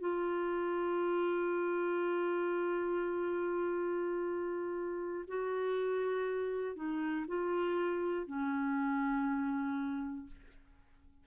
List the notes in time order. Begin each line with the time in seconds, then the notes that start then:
0.00 F4
5.28 F#4
6.75 D#4
7.28 F4
8.26 C#4